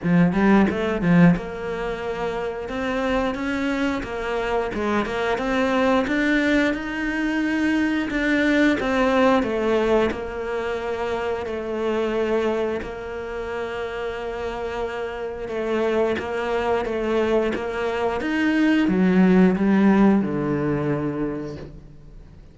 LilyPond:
\new Staff \with { instrumentName = "cello" } { \time 4/4 \tempo 4 = 89 f8 g8 a8 f8 ais2 | c'4 cis'4 ais4 gis8 ais8 | c'4 d'4 dis'2 | d'4 c'4 a4 ais4~ |
ais4 a2 ais4~ | ais2. a4 | ais4 a4 ais4 dis'4 | fis4 g4 d2 | }